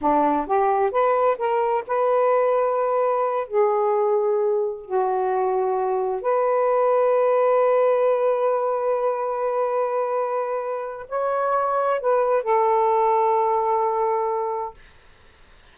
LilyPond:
\new Staff \with { instrumentName = "saxophone" } { \time 4/4 \tempo 4 = 130 d'4 g'4 b'4 ais'4 | b'2.~ b'8 gis'8~ | gis'2~ gis'8 fis'4.~ | fis'4. b'2~ b'8~ |
b'1~ | b'1 | cis''2 b'4 a'4~ | a'1 | }